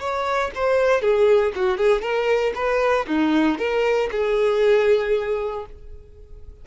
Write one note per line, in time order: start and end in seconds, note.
0.00 0.51 C#5
0.55 1.02 C5
1.02 1.53 G#4
1.55 1.78 F#4
1.78 2.02 G#4
2.02 2.53 A#4
2.55 3.06 B4
3.07 3.59 D#4
3.59 4.10 A#4
4.12 5.65 G#4